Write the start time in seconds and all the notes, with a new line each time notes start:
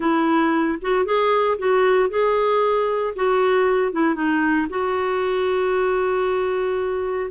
0.00 E4
0.81 F#4
1.05 G#4
1.58 F#4
2.09 G#4
3.15 F#4
3.92 E4
4.15 D#4
4.69 F#4